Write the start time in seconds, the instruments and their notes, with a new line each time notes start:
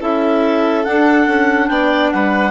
0.00 bassoon C#4, clarinet E4 E5, violin A4
0.84 clarinet D4 F#5, bassoon D4
1.27 bassoon C#4
1.68 bassoon B3, violin D5, clarinet G5
2.11 bassoon G3, violin B4, clarinet F#5